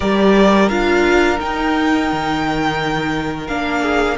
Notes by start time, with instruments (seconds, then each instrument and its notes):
0.00 cello G3, viola G4, violin A#4 D5
0.68 cello D4, viola F4, violin F5
1.37 viola D#4, cello D#4, violin G5
2.11 cello D#3
3.47 cello A#3, viola D4, violin F5
3.81 violin G#4